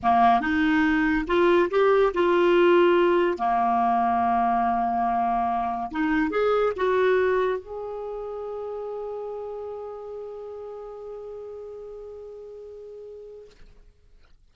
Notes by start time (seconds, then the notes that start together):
0.02 A#3
0.41 D#4
1.27 F4
1.70 G4
2.14 F4
3.37 A#3
5.91 D#4
6.30 G#4
6.76 F#4
7.58 G#4